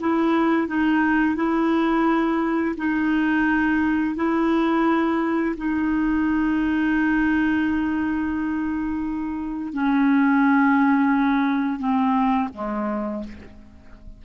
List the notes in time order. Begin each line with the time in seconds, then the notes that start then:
0.00 E4
0.68 D#4
1.36 E4
2.77 D#4
4.16 E4
5.57 D#4
9.73 C#4
11.79 C4
12.54 G#3